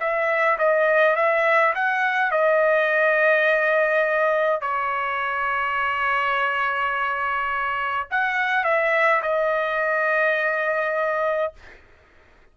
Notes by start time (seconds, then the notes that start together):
0.00 E5
0.59 D#5
1.16 E5
1.75 F#5
2.31 D#5
4.62 C#5
8.11 F#5
8.64 E5
9.23 D#5